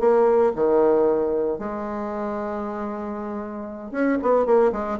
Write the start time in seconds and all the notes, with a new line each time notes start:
0.00 A#3
0.55 D#3
1.59 G#3
3.92 C#4
4.22 B3
4.46 A#3
4.72 G#3